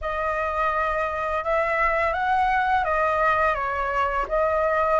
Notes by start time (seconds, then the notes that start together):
0.01 D#5
1.44 E5
2.13 F#5
2.84 D#5
3.54 C#5
4.28 D#5